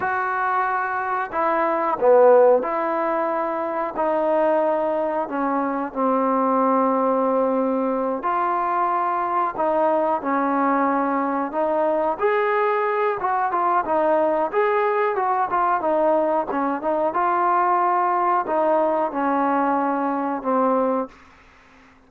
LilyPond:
\new Staff \with { instrumentName = "trombone" } { \time 4/4 \tempo 4 = 91 fis'2 e'4 b4 | e'2 dis'2 | cis'4 c'2.~ | c'8 f'2 dis'4 cis'8~ |
cis'4. dis'4 gis'4. | fis'8 f'8 dis'4 gis'4 fis'8 f'8 | dis'4 cis'8 dis'8 f'2 | dis'4 cis'2 c'4 | }